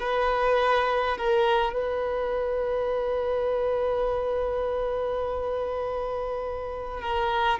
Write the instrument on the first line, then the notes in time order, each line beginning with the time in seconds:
violin
0.00 B4
1.18 A#4
1.73 B4
7.01 A#4